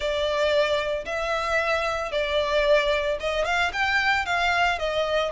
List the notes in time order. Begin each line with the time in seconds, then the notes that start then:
0.00 D5
1.05 E5
2.11 D5
3.20 D#5
3.45 F5
3.72 G5
4.25 F5
4.78 D#5